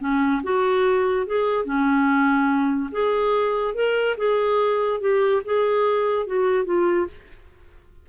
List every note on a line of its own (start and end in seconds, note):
0.00 0.42 C#4
0.43 1.26 F#4
1.26 1.65 G#4
1.65 2.90 C#4
2.92 3.74 G#4
3.74 4.16 A#4
4.17 5.00 G#4
5.00 5.42 G4
5.45 6.26 G#4
6.26 6.65 F#4
6.65 7.06 F4